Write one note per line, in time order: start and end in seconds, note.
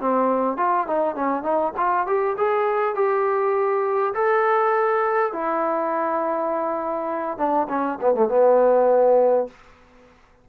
0.00 0.57 C4
0.57 0.87 F4
0.87 1.15 D#4
1.15 1.43 C#4
1.43 1.73 D#4
1.77 2.06 F4
2.06 2.36 G4
2.37 2.95 G#4
2.95 4.14 G4
4.14 5.32 A4
5.32 7.37 E4
7.37 7.67 D4
7.69 7.98 C#4
8.01 8.14 B3
8.14 8.28 A3
8.28 9.47 B3